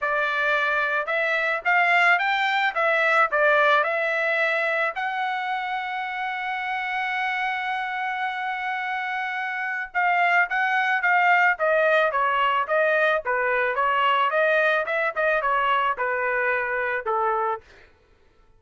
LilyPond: \new Staff \with { instrumentName = "trumpet" } { \time 4/4 \tempo 4 = 109 d''2 e''4 f''4 | g''4 e''4 d''4 e''4~ | e''4 fis''2.~ | fis''1~ |
fis''2 f''4 fis''4 | f''4 dis''4 cis''4 dis''4 | b'4 cis''4 dis''4 e''8 dis''8 | cis''4 b'2 a'4 | }